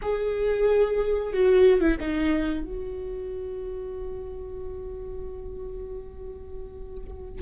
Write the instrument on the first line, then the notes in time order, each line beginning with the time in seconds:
viola
0.02 G#4
1.33 F#4
1.80 E4
2.00 D#4
2.63 F#4